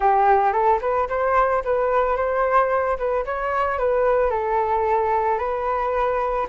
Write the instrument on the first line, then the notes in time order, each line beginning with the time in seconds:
flute
0.00 G4
0.52 A4
0.81 B4
1.09 C5
1.64 B4
2.16 C5
2.98 B4
3.25 C#5
3.78 B4
4.30 A4
5.38 B4